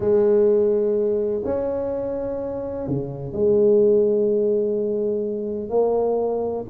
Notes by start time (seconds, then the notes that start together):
0.00 G#3
1.45 C#4
2.87 C#3
3.32 G#3
5.69 A#3